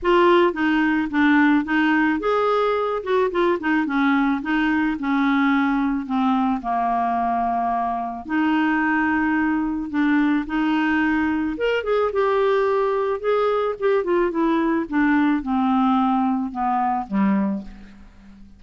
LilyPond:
\new Staff \with { instrumentName = "clarinet" } { \time 4/4 \tempo 4 = 109 f'4 dis'4 d'4 dis'4 | gis'4. fis'8 f'8 dis'8 cis'4 | dis'4 cis'2 c'4 | ais2. dis'4~ |
dis'2 d'4 dis'4~ | dis'4 ais'8 gis'8 g'2 | gis'4 g'8 f'8 e'4 d'4 | c'2 b4 g4 | }